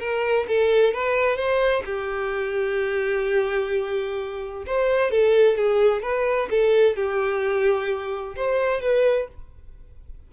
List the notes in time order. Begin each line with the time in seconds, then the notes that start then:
0.00 A#4
0.48 A4
0.94 B4
1.37 C5
1.85 G4
4.66 C5
5.11 A4
5.57 G#4
6.03 B4
6.51 A4
6.96 G4
8.36 C5
8.81 B4